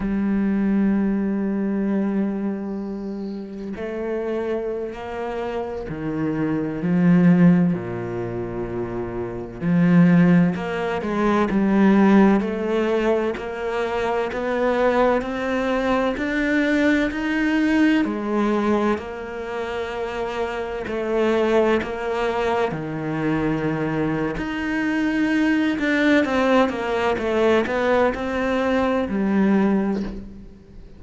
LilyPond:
\new Staff \with { instrumentName = "cello" } { \time 4/4 \tempo 4 = 64 g1 | a4~ a16 ais4 dis4 f8.~ | f16 ais,2 f4 ais8 gis16~ | gis16 g4 a4 ais4 b8.~ |
b16 c'4 d'4 dis'4 gis8.~ | gis16 ais2 a4 ais8.~ | ais16 dis4.~ dis16 dis'4. d'8 | c'8 ais8 a8 b8 c'4 g4 | }